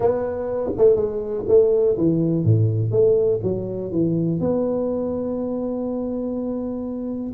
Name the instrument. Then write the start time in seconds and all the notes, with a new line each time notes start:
tuba
0.00 B3
0.77 A3
0.96 G#3
1.47 A3
1.97 E3
2.44 A2
2.91 A3
3.43 F#3
3.91 E3
4.39 B3